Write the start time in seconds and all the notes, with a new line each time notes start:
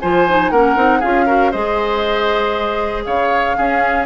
0.00 F3 F4 C5 G#5
0.28 D#4
0.50 A#3 C#4 A#4 F#5
0.76 C4 D#4
0.99 C#4 F4 G#4 F5
1.26 F#4 A#4
1.51 G#3 G#4 C5 D#5
3.04 C#3 C#5 F5
3.56 C#4 G#4